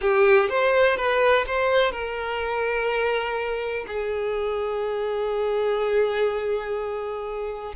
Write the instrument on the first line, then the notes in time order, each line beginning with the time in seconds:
violin
0.01 G4
0.49 C5
0.97 B4
1.46 C5
1.91 A#4
3.87 G#4